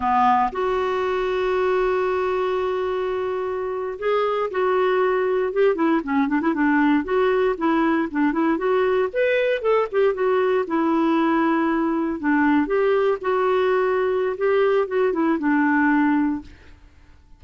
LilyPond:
\new Staff \with { instrumentName = "clarinet" } { \time 4/4 \tempo 4 = 117 b4 fis'2.~ | fis'2.~ fis'8. gis'16~ | gis'8. fis'2 g'8 e'8 cis'16~ | cis'16 d'16 e'16 d'4 fis'4 e'4 d'16~ |
d'16 e'8 fis'4 b'4 a'8 g'8 fis'16~ | fis'8. e'2. d'16~ | d'8. g'4 fis'2~ fis'16 | g'4 fis'8 e'8 d'2 | }